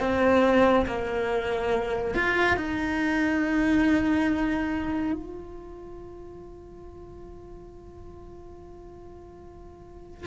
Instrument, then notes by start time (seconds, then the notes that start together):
cello
0.00 C4
0.86 A#3
2.14 F4
2.57 D#4
5.13 F4